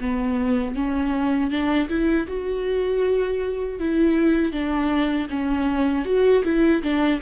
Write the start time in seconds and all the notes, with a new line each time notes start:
0.00 B3
0.75 C#4
1.51 D4
1.88 E4
2.27 F#4
3.79 E4
4.52 D4
5.30 C#4
6.05 F#4
6.44 E4
6.83 D4